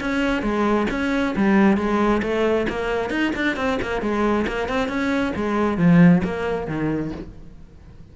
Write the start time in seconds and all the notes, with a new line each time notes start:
0.00 C#4
0.42 G#3
0.90 C#4
1.36 G3
1.77 G#3
2.22 A3
2.69 A#3
3.09 D#4
3.35 D4
3.56 C4
3.82 A#3
4.01 G#3
4.47 A#3
4.68 C4
4.88 C#4
5.35 G#3
5.77 F3
6.24 A#3
6.67 D#3